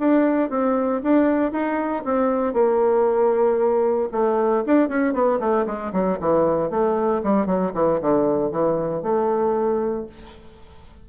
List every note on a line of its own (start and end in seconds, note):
0.00 0.50 D4
0.50 1.02 C4
1.03 1.52 D4
1.52 2.04 D#4
2.05 2.54 C4
2.54 4.09 A#3
4.12 4.64 A3
4.66 4.89 D4
4.89 5.14 C#4
5.14 5.40 B3
5.40 5.66 A3
5.67 5.93 G#3
5.93 6.19 F#3
6.20 6.71 E3
6.71 7.22 A3
7.24 7.46 G3
7.46 7.72 F#3
7.74 8.00 E3
8.01 8.52 D3
8.52 9.03 E3
9.03 10.07 A3